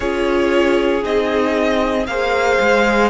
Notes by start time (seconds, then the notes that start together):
0.00 C#4 F4 G#4 C#5
1.02 C4 D#4 D#5
2.06 A#3 G#4 C5 F5
2.60 G#3